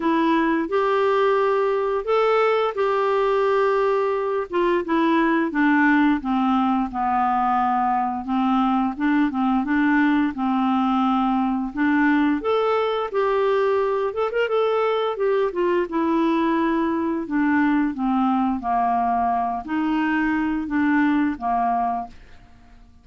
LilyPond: \new Staff \with { instrumentName = "clarinet" } { \time 4/4 \tempo 4 = 87 e'4 g'2 a'4 | g'2~ g'8 f'8 e'4 | d'4 c'4 b2 | c'4 d'8 c'8 d'4 c'4~ |
c'4 d'4 a'4 g'4~ | g'8 a'16 ais'16 a'4 g'8 f'8 e'4~ | e'4 d'4 c'4 ais4~ | ais8 dis'4. d'4 ais4 | }